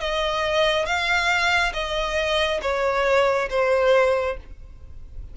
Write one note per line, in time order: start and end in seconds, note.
0.00 0.85 D#5
0.85 1.72 F5
1.73 2.60 D#5
2.62 3.49 C#5
3.49 4.36 C5